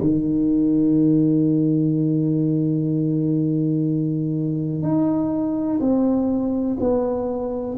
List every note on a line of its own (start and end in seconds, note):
0.00 4.82 D#3
4.82 5.79 D#4
5.80 6.77 C4
6.80 7.76 B3